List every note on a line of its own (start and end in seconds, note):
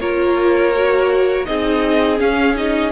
0.00 1.47 A#3
0.00 0.74 F4
0.00 1.47 A#4
0.00 1.46 C#5
0.75 1.46 F#4
1.46 2.20 C4
1.46 2.18 D#4
1.46 2.92 G#4
1.46 2.19 D#5
2.18 2.54 C#4
2.18 2.92 C#4
2.18 2.57 F5
2.56 2.92 D#4
2.56 2.92 D#5